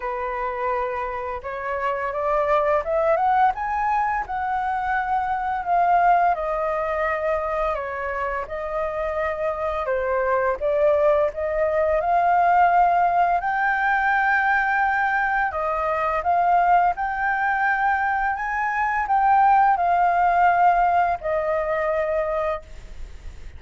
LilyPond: \new Staff \with { instrumentName = "flute" } { \time 4/4 \tempo 4 = 85 b'2 cis''4 d''4 | e''8 fis''8 gis''4 fis''2 | f''4 dis''2 cis''4 | dis''2 c''4 d''4 |
dis''4 f''2 g''4~ | g''2 dis''4 f''4 | g''2 gis''4 g''4 | f''2 dis''2 | }